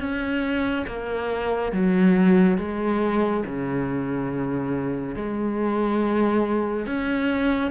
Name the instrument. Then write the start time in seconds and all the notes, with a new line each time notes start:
cello
0.00 C#4
0.87 A#3
1.72 F#3
2.58 G#3
3.46 C#3
5.15 G#3
6.86 C#4